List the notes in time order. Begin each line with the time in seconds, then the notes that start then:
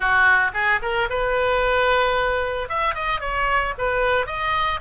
0.00 F#4
0.53 G#4
0.82 A#4
1.09 B4
2.68 E5
2.94 D#5
3.20 C#5
3.78 B4
4.26 D#5